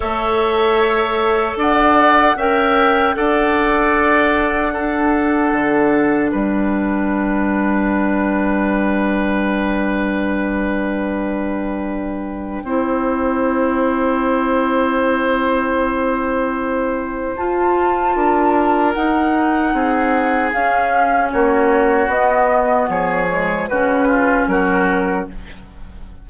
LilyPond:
<<
  \new Staff \with { instrumentName = "flute" } { \time 4/4 \tempo 4 = 76 e''2 fis''4 g''4 | fis''1 | g''1~ | g''1~ |
g''1~ | g''2 a''2 | fis''2 f''4 cis''4 | dis''4 cis''4 b'4 ais'4 | }
  \new Staff \with { instrumentName = "oboe" } { \time 4/4 cis''2 d''4 e''4 | d''2 a'2 | b'1~ | b'1 |
c''1~ | c''2. ais'4~ | ais'4 gis'2 fis'4~ | fis'4 gis'4 fis'8 f'8 fis'4 | }
  \new Staff \with { instrumentName = "clarinet" } { \time 4/4 a'2. ais'4 | a'2 d'2~ | d'1~ | d'1 |
e'1~ | e'2 f'2 | dis'2 cis'2 | b4. gis8 cis'2 | }
  \new Staff \with { instrumentName = "bassoon" } { \time 4/4 a2 d'4 cis'4 | d'2. d4 | g1~ | g1 |
c'1~ | c'2 f'4 d'4 | dis'4 c'4 cis'4 ais4 | b4 f4 cis4 fis4 | }
>>